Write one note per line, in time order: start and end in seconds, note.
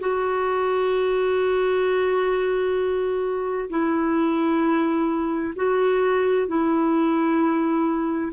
0.00 3.69 F#4
3.70 5.54 E4
5.56 6.48 F#4
6.48 8.32 E4